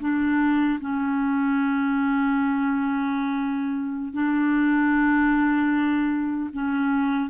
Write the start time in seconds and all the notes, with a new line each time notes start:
0.00 D4
0.80 C#4
4.13 D4
6.53 C#4